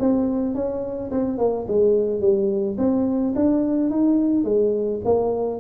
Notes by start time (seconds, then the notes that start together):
0.00 C4
0.55 C#4
1.11 C4
1.38 A#3
1.68 G#3
2.21 G3
2.78 C4
3.36 D4
3.90 D#4
4.45 G#3
5.05 A#3